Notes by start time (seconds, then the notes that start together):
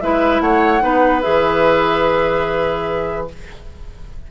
0.00 G#3 E4 B4 E5
0.40 A3 C#5 F#5
0.80 B3 D#4 B4
1.22 E3 G#4 E5